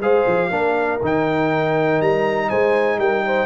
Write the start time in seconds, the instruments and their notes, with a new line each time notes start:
0.00 tuba G#3, trombone G#4, horn C5, trumpet F5
0.27 tuba F3
0.50 tuba A#3, trombone D4, horn A#4
1.02 tuba D#3, trombone D#4, trumpet G5
2.01 tuba G3, trumpet A#5
2.49 tuba G#3, horn C5, trumpet G#5
2.97 tuba G3, horn A#4, trumpet G5
3.26 horn C5